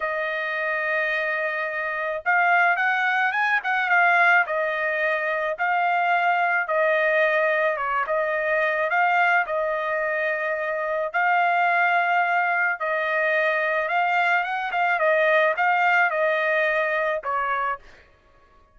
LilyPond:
\new Staff \with { instrumentName = "trumpet" } { \time 4/4 \tempo 4 = 108 dis''1 | f''4 fis''4 gis''8 fis''8 f''4 | dis''2 f''2 | dis''2 cis''8 dis''4. |
f''4 dis''2. | f''2. dis''4~ | dis''4 f''4 fis''8 f''8 dis''4 | f''4 dis''2 cis''4 | }